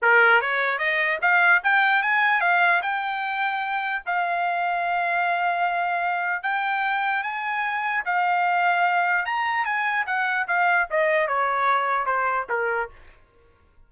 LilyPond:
\new Staff \with { instrumentName = "trumpet" } { \time 4/4 \tempo 4 = 149 ais'4 cis''4 dis''4 f''4 | g''4 gis''4 f''4 g''4~ | g''2 f''2~ | f''1 |
g''2 gis''2 | f''2. ais''4 | gis''4 fis''4 f''4 dis''4 | cis''2 c''4 ais'4 | }